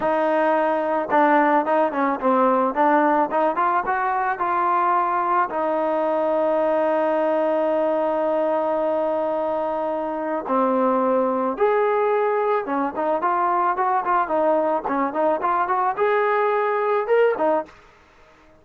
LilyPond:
\new Staff \with { instrumentName = "trombone" } { \time 4/4 \tempo 4 = 109 dis'2 d'4 dis'8 cis'8 | c'4 d'4 dis'8 f'8 fis'4 | f'2 dis'2~ | dis'1~ |
dis'2. c'4~ | c'4 gis'2 cis'8 dis'8 | f'4 fis'8 f'8 dis'4 cis'8 dis'8 | f'8 fis'8 gis'2 ais'8 dis'8 | }